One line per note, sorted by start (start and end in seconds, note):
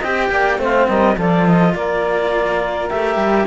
0.00 0.30 C4
0.00 0.59 G4
0.00 0.29 D#5
0.00 0.61 G5
0.30 0.59 A#3
0.30 0.60 D5
0.59 0.87 A3
0.59 1.17 C4
0.59 0.88 C5
0.59 0.88 F5
0.88 1.17 G3
0.88 1.16 A#4
0.88 1.17 D#5
1.16 1.75 F3
1.16 2.91 F4
1.16 1.73 A4
1.16 1.47 D5
1.47 1.75 D#5
1.75 2.91 A#3
1.75 3.47 A#4
1.75 2.90 D5
2.90 3.17 A3
2.90 3.47 G4
2.90 3.47 E5
3.17 3.46 G3